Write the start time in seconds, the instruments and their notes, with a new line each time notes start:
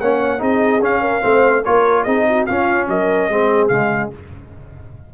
0.00 tuba A#3, trombone C#4, horn C#5, trumpet F#5
0.38 tuba C4, trombone D#4, horn G#4, trumpet D#5
0.80 tuba C#4, trombone C#4, trumpet F5
1.01 horn A#4
1.21 tuba A3, trombone C4, horn C5
1.64 tuba A#3, trombone F4, horn A#4, trumpet C#5
2.03 tuba C4, trombone D#4, horn G#4, trumpet D#5
2.29 horn F#4
2.46 trombone C#4, tuba C#4, horn F4, trumpet F5
2.87 tuba F#3, horn A#4, trumpet D#5
3.29 tuba G#3, trombone C4, horn G#4
3.68 tuba C#3, trombone G#3, trumpet F5